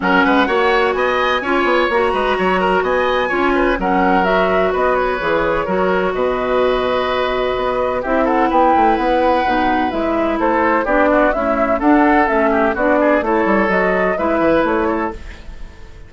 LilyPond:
<<
  \new Staff \with { instrumentName = "flute" } { \time 4/4 \tempo 4 = 127 fis''2 gis''2 | ais''2 gis''2 | fis''4 e''4 dis''8 cis''4.~ | cis''4 dis''2.~ |
dis''4 e''8 fis''8 g''4 fis''4~ | fis''4 e''4 c''4 d''4 | e''4 fis''4 e''4 d''4 | cis''4 dis''4 e''4 cis''4 | }
  \new Staff \with { instrumentName = "oboe" } { \time 4/4 ais'8 b'8 cis''4 dis''4 cis''4~ | cis''8 b'8 cis''8 ais'8 dis''4 cis''8 b'8 | ais'2 b'2 | ais'4 b'2.~ |
b'4 g'8 a'8 b'2~ | b'2 a'4 g'8 fis'8 | e'4 a'4. g'8 fis'8 gis'8 | a'2 b'4. a'8 | }
  \new Staff \with { instrumentName = "clarinet" } { \time 4/4 cis'4 fis'2 f'4 | fis'2. f'4 | cis'4 fis'2 gis'4 | fis'1~ |
fis'4 e'2. | dis'4 e'2 d'4 | a4 d'4 cis'4 d'4 | e'4 fis'4 e'2 | }
  \new Staff \with { instrumentName = "bassoon" } { \time 4/4 fis8 gis8 ais4 b4 cis'8 b8 | ais8 gis8 fis4 b4 cis'4 | fis2 b4 e4 | fis4 b,2. |
b4 c'4 b8 a8 b4 | b,4 gis4 a4 b4 | cis'4 d'4 a4 b4 | a8 g8 fis4 gis8 e8 a4 | }
>>